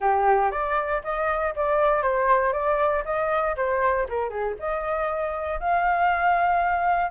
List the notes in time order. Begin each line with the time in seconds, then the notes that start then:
0.00 G4
0.51 D5
1.03 D#5
1.55 D5
2.02 C5
2.53 D5
3.04 D#5
3.56 C5
4.08 A#4
4.29 G#4
4.59 D#5
5.59 F5